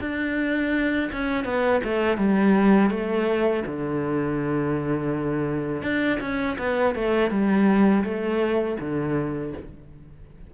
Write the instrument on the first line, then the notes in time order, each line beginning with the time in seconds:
cello
0.00 D4
1.12 C#4
1.44 B3
1.84 A3
2.17 G3
2.90 A3
3.66 D3
5.82 D4
6.20 C#4
6.58 B3
6.94 A3
7.30 G3
8.04 A3
8.80 D3